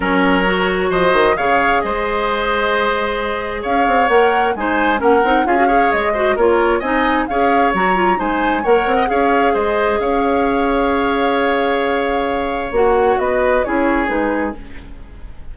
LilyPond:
<<
  \new Staff \with { instrumentName = "flute" } { \time 4/4 \tempo 4 = 132 cis''2 dis''4 f''4 | dis''1 | f''4 fis''4 gis''4 fis''4 | f''4 dis''4 cis''4 gis''4 |
f''4 ais''4 gis''4 fis''4 | f''4 dis''4 f''2~ | f''1 | fis''4 dis''4 cis''4 b'4 | }
  \new Staff \with { instrumentName = "oboe" } { \time 4/4 ais'2 c''4 cis''4 | c''1 | cis''2 c''4 ais'4 | gis'8 cis''4 c''8 ais'4 dis''4 |
cis''2 c''4 cis''8. dis''16 | cis''4 c''4 cis''2~ | cis''1~ | cis''4 b'4 gis'2 | }
  \new Staff \with { instrumentName = "clarinet" } { \time 4/4 cis'4 fis'2 gis'4~ | gis'1~ | gis'4 ais'4 dis'4 cis'8 dis'8 | f'16 fis'16 gis'4 fis'8 f'4 dis'4 |
gis'4 fis'8 f'8 dis'4 ais'4 | gis'1~ | gis'1 | fis'2 e'4 dis'4 | }
  \new Staff \with { instrumentName = "bassoon" } { \time 4/4 fis2 f8 dis8 cis4 | gis1 | cis'8 c'8 ais4 gis4 ais8 c'8 | cis'4 gis4 ais4 c'4 |
cis'4 fis4 gis4 ais8 c'8 | cis'4 gis4 cis'2~ | cis'1 | ais4 b4 cis'4 gis4 | }
>>